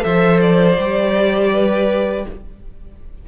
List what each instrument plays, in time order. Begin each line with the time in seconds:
0.00 cello F3, viola A4, violin C5 E5
0.41 violin D5
0.77 cello G3, viola G4
1.52 violin B4